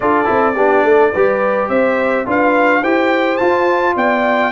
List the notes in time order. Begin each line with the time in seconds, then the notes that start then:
0.00 D4 F4 A4 D5
0.25 C4 E4
0.55 B3 D4 G4
0.83 A3 A4
1.12 G3 G4 B4
1.68 C4 C5 E5
2.25 D4 F4 B4 F5
2.80 E4 G4 C5 G5
3.37 F4 A5
3.95 B3 D5 G5